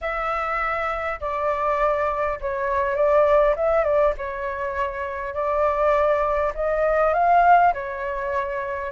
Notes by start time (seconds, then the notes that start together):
0.01 E5
1.20 D5
2.41 C#5
2.95 D5
3.56 E5
3.83 D5
4.17 C#5
5.33 D5
6.55 D#5
7.13 F5
7.73 C#5